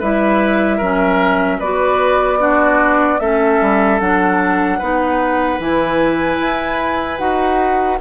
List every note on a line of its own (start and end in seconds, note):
0.00 0.81 G3
0.00 0.82 E4
0.00 0.78 B4
0.00 1.61 E5
0.78 1.61 F#3
0.78 1.62 C#4
0.78 1.58 A#4
1.59 3.20 B3
1.59 2.39 F#4
1.59 2.39 B4
1.59 3.20 D5
2.39 3.19 D4
2.39 3.21 F#4
3.20 3.60 A3
3.20 4.01 C#4
3.20 4.79 A4
3.20 4.00 E5
3.61 4.01 G3
4.00 4.81 F#3
4.00 4.81 D4
4.00 5.60 F#5
4.79 5.60 B3
4.79 5.60 D#4
4.79 7.99 B4
5.60 6.40 E3
5.60 7.18 E4
5.60 7.19 G#5
6.40 7.20 E4
7.18 8.00 D#4
7.18 7.98 F#4
7.18 7.99 F#5